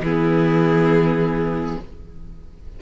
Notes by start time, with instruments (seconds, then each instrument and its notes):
0.00 cello E3, viola B3, violin E4 G#4